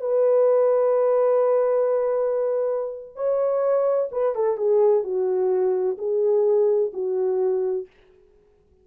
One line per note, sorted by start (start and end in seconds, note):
0.00 3.16 B4
3.16 4.09 C#5
4.11 4.35 B4
4.35 4.57 A4
4.57 5.03 G#4
5.03 5.97 F#4
5.98 6.91 G#4
6.93 7.87 F#4